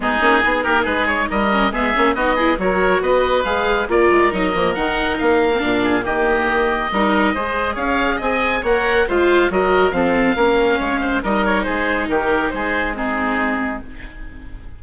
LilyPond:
<<
  \new Staff \with { instrumentName = "oboe" } { \time 4/4 \tempo 4 = 139 gis'4. ais'8 b'8 cis''8 dis''4 | e''4 dis''4 cis''4 dis''4 | f''4 d''4 dis''4 fis''4 | f''2 dis''2~ |
dis''2 f''4 gis''4 | fis''4 f''4 dis''4 f''4~ | f''2 dis''8 cis''8 c''4 | ais'4 c''4 gis'2 | }
  \new Staff \with { instrumentName = "oboe" } { \time 4/4 dis'4 gis'8 g'8 gis'4 ais'4 | gis'4 fis'8 gis'8 ais'4 b'4~ | b'4 ais'2.~ | ais'4. gis'8 g'2 |
ais'4 c''4 cis''4 dis''4 | cis''4 c''4 ais'4 a'4 | ais'4 cis''8 c''8 ais'4 gis'4 | g'4 gis'4 dis'2 | }
  \new Staff \with { instrumentName = "viola" } { \time 4/4 b8 cis'8 dis'2~ dis'8 cis'8 | b8 cis'8 dis'8 e'8 fis'2 | gis'4 f'4 dis'8 ais8 dis'4~ | dis'8. c'16 d'4 ais2 |
dis'4 gis'2. | ais'4 f'4 fis'4 c'4 | cis'2 dis'2~ | dis'2 c'2 | }
  \new Staff \with { instrumentName = "bassoon" } { \time 4/4 gis8 ais8 b8 ais8 gis4 g4 | gis8 ais8 b4 fis4 b4 | gis4 ais8 gis8 fis8 f8 dis4 | ais4 ais,4 dis2 |
g4 gis4 cis'4 c'4 | ais4 gis4 fis4 f4 | ais4 gis4 g4 gis4 | dis4 gis2. | }
>>